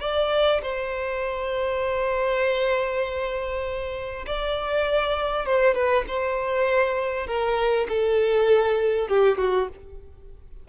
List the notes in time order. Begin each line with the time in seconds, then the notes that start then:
0.00 D5
0.62 C5
4.26 D5
5.45 C5
5.74 B4
6.07 C5
7.26 A#4
7.88 A4
9.07 G4
9.37 F#4